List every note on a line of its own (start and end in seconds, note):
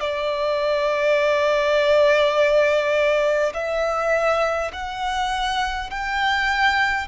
0.00 3.53 D5
3.53 4.71 E5
4.73 5.90 F#5
5.90 7.07 G5